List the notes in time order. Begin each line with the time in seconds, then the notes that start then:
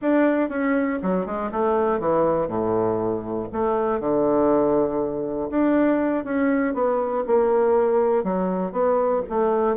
0.01 D4
0.49 C#4
1.02 F#3
1.25 G#3
1.51 A3
1.99 E3
2.47 A2
3.52 A3
4.00 D3
5.50 D4
6.24 C#4
6.74 B3
7.26 A#3
8.23 F#3
8.72 B3
9.29 A3